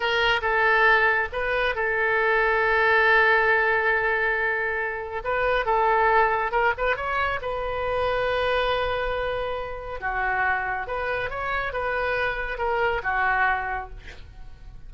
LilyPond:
\new Staff \with { instrumentName = "oboe" } { \time 4/4 \tempo 4 = 138 ais'4 a'2 b'4 | a'1~ | a'1 | b'4 a'2 ais'8 b'8 |
cis''4 b'2.~ | b'2. fis'4~ | fis'4 b'4 cis''4 b'4~ | b'4 ais'4 fis'2 | }